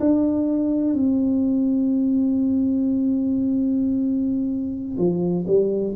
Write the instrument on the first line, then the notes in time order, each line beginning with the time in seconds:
tuba
0.00 D4
0.94 C4
4.97 F3
5.47 G3